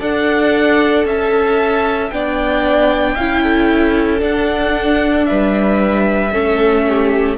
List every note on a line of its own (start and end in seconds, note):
0.00 1.05 D4
0.00 2.11 A4
0.00 1.05 D5
0.00 1.06 F#5
1.05 2.11 C#4
1.05 2.12 E5
1.05 2.10 A5
2.10 3.17 B3
2.10 3.18 D4
2.10 3.15 D5
2.10 4.21 G5
3.15 4.22 C#4
3.15 4.20 E4
3.15 3.42 F5
3.44 5.28 A4
4.20 6.30 D4
4.20 5.27 D4
4.20 5.26 F#5
5.26 6.35 G3
5.26 6.32 B4
5.26 7.37 E5
6.32 7.38 A3
6.32 7.38 C#4
6.32 6.84 A4
6.88 7.38 G4